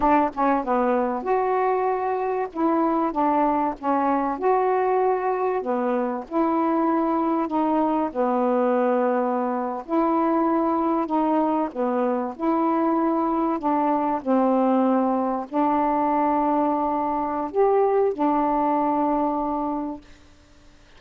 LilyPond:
\new Staff \with { instrumentName = "saxophone" } { \time 4/4 \tempo 4 = 96 d'8 cis'8 b4 fis'2 | e'4 d'4 cis'4 fis'4~ | fis'4 b4 e'2 | dis'4 b2~ b8. e'16~ |
e'4.~ e'16 dis'4 b4 e'16~ | e'4.~ e'16 d'4 c'4~ c'16~ | c'8. d'2.~ d'16 | g'4 d'2. | }